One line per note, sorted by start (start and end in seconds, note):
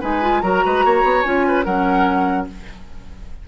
0.00 0.42 G#3
0.00 0.21 D#4
0.00 0.41 B4
0.00 0.41 G#5
0.21 0.42 F4
0.41 0.63 F#3
0.41 1.24 F#4
0.41 0.64 A#4
0.41 1.22 A#5
0.65 0.84 G#3
0.65 0.85 B4
0.84 1.03 A#3
0.84 1.47 C#5
1.03 1.23 B3
1.22 1.65 C#4
1.22 1.65 F4
1.22 1.63 G#5
1.47 1.65 B4
1.64 2.48 F#3
1.64 2.47 C#4
1.64 2.47 A#4
1.64 2.46 F#5